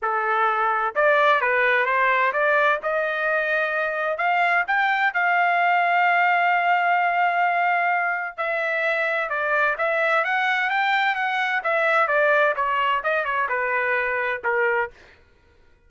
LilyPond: \new Staff \with { instrumentName = "trumpet" } { \time 4/4 \tempo 4 = 129 a'2 d''4 b'4 | c''4 d''4 dis''2~ | dis''4 f''4 g''4 f''4~ | f''1~ |
f''2 e''2 | d''4 e''4 fis''4 g''4 | fis''4 e''4 d''4 cis''4 | dis''8 cis''8 b'2 ais'4 | }